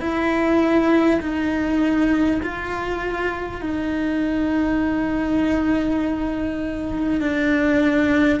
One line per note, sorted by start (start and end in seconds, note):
0.00 1.20 E4
1.21 2.41 D#4
2.42 3.61 F4
3.61 7.20 D#4
7.20 8.40 D4